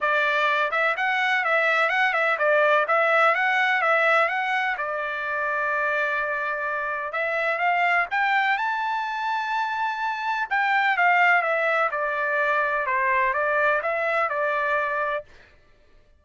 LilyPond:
\new Staff \with { instrumentName = "trumpet" } { \time 4/4 \tempo 4 = 126 d''4. e''8 fis''4 e''4 | fis''8 e''8 d''4 e''4 fis''4 | e''4 fis''4 d''2~ | d''2. e''4 |
f''4 g''4 a''2~ | a''2 g''4 f''4 | e''4 d''2 c''4 | d''4 e''4 d''2 | }